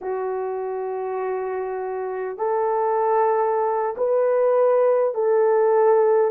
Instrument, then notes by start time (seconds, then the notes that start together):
horn
0.01 F#4
2.37 A4
3.97 B4
5.14 A4